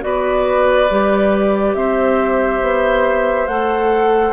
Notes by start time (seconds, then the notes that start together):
0.00 B3 F#4 B4 D5
0.89 G3 G4
1.74 C4 C5 E5
2.61 B3
3.47 A3 A4 F#5